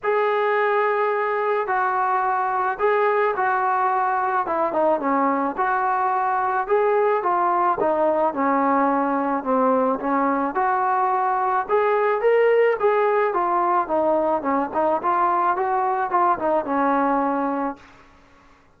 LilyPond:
\new Staff \with { instrumentName = "trombone" } { \time 4/4 \tempo 4 = 108 gis'2. fis'4~ | fis'4 gis'4 fis'2 | e'8 dis'8 cis'4 fis'2 | gis'4 f'4 dis'4 cis'4~ |
cis'4 c'4 cis'4 fis'4~ | fis'4 gis'4 ais'4 gis'4 | f'4 dis'4 cis'8 dis'8 f'4 | fis'4 f'8 dis'8 cis'2 | }